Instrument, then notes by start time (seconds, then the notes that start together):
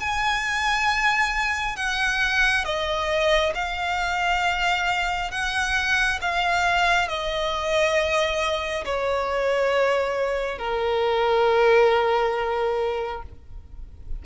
violin
0.00 G#5
1.76 F#5
2.65 D#5
3.55 F5
5.31 F#5
6.22 F5
7.08 D#5
8.85 C#5
10.58 A#4